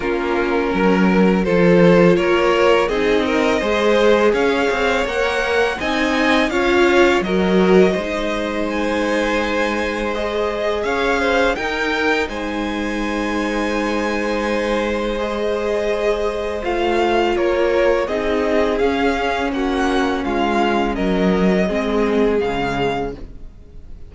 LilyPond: <<
  \new Staff \with { instrumentName = "violin" } { \time 4/4 \tempo 4 = 83 ais'2 c''4 cis''4 | dis''2 f''4 fis''4 | gis''4 f''4 dis''2 | gis''2 dis''4 f''4 |
g''4 gis''2.~ | gis''4 dis''2 f''4 | cis''4 dis''4 f''4 fis''4 | f''4 dis''2 f''4 | }
  \new Staff \with { instrumentName = "violin" } { \time 4/4 f'4 ais'4 a'4 ais'4 | gis'8 ais'8 c''4 cis''2 | dis''4 cis''4 ais'4 c''4~ | c''2. cis''8 c''8 |
ais'4 c''2.~ | c''1 | ais'4 gis'2 fis'4 | f'4 ais'4 gis'2 | }
  \new Staff \with { instrumentName = "viola" } { \time 4/4 cis'2 f'2 | dis'4 gis'2 ais'4 | dis'4 f'4 fis'4 dis'4~ | dis'2 gis'2 |
dis'1~ | dis'4 gis'2 f'4~ | f'4 dis'4 cis'2~ | cis'2 c'4 gis4 | }
  \new Staff \with { instrumentName = "cello" } { \time 4/4 ais4 fis4 f4 ais4 | c'4 gis4 cis'8 c'8 ais4 | c'4 cis'4 fis4 gis4~ | gis2. cis'4 |
dis'4 gis2.~ | gis2. a4 | ais4 c'4 cis'4 ais4 | gis4 fis4 gis4 cis4 | }
>>